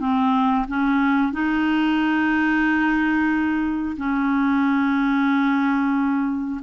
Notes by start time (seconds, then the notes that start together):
0.00 C4
0.68 C#4
1.33 D#4
3.97 C#4